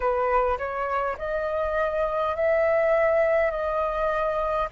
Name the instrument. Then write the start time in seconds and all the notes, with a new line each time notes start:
flute
0.00 B4
0.58 C#5
1.18 D#5
2.35 E5
3.50 D#5